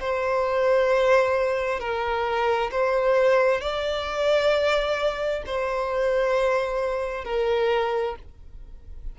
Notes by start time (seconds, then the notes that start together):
0.00 C5
1.79 A#4
2.71 C5
3.61 D5
5.46 C5
7.24 A#4